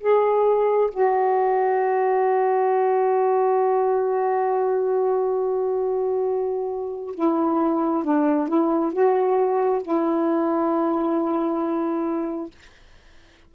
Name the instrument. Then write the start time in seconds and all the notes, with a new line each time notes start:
saxophone
0.00 G#4
0.90 F#4
7.14 E4
8.04 D4
8.48 E4
8.92 F#4
9.82 E4